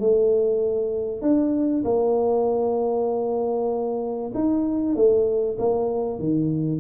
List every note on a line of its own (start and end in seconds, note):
0.00 1.22 A3
1.22 1.84 D4
1.84 4.32 A#3
4.34 4.95 D#4
4.95 5.57 A3
5.58 6.19 A#3
6.19 6.80 D#3